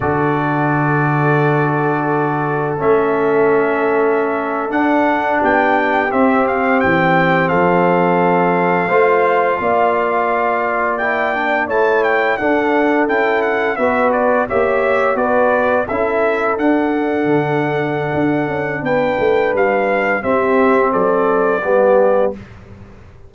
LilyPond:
<<
  \new Staff \with { instrumentName = "trumpet" } { \time 4/4 \tempo 4 = 86 d''1 | e''2~ e''8. fis''4 g''16~ | g''8. e''8 f''8 g''4 f''4~ f''16~ | f''2.~ f''8. g''16~ |
g''8. a''8 g''8 fis''4 g''8 fis''8 e''16~ | e''16 d''8 e''4 d''4 e''4 fis''16~ | fis''2. g''4 | f''4 e''4 d''2 | }
  \new Staff \with { instrumentName = "horn" } { \time 4/4 a'1~ | a'2.~ a'8. g'16~ | g'2~ g'8. a'4~ a'16~ | a'8. c''4 d''2~ d''16~ |
d''8. cis''4 a'2 b'16~ | b'8. cis''4 b'4 a'4~ a'16~ | a'2. b'4~ | b'4 g'4 a'4 g'4 | }
  \new Staff \with { instrumentName = "trombone" } { \time 4/4 fis'1 | cis'2~ cis'8. d'4~ d'16~ | d'8. c'2.~ c'16~ | c'8. f'2. e'16~ |
e'16 d'8 e'4 d'4 e'4 fis'16~ | fis'8. g'4 fis'4 e'4 d'16~ | d'1~ | d'4 c'2 b4 | }
  \new Staff \with { instrumentName = "tuba" } { \time 4/4 d1 | a2~ a8. d'4 b16~ | b8. c'4 e4 f4~ f16~ | f8. a4 ais2~ ais16~ |
ais8. a4 d'4 cis'4 b16~ | b8. ais4 b4 cis'4 d'16~ | d'8. d4~ d16 d'8 cis'8 b8 a8 | g4 c'4 fis4 g4 | }
>>